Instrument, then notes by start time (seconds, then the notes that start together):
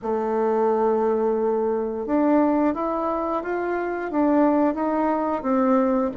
bassoon
0.02 A3
2.06 D4
2.74 E4
3.42 F4
4.11 D4
4.74 D#4
5.42 C4